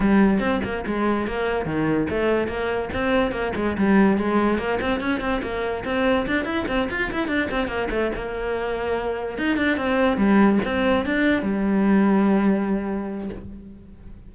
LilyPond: \new Staff \with { instrumentName = "cello" } { \time 4/4 \tempo 4 = 144 g4 c'8 ais8 gis4 ais4 | dis4 a4 ais4 c'4 | ais8 gis8 g4 gis4 ais8 c'8 | cis'8 c'8 ais4 c'4 d'8 e'8 |
c'8 f'8 e'8 d'8 c'8 ais8 a8 ais8~ | ais2~ ais8 dis'8 d'8 c'8~ | c'8 g4 c'4 d'4 g8~ | g1 | }